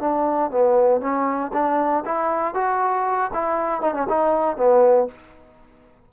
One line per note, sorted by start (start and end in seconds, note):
0.00 0.51 D4
0.51 1.01 B3
1.01 1.52 C#4
1.53 2.04 D4
2.05 2.54 E4
2.54 3.31 F#4
3.33 3.81 E4
3.81 3.94 D#4
3.94 4.07 C#4
4.09 4.57 D#4
4.57 5.08 B3